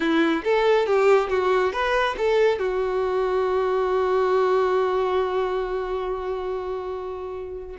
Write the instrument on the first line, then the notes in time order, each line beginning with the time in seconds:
violin
0.00 E4
0.44 A4
0.86 G4
1.29 F#4
1.72 B4
2.17 A4
2.58 F#4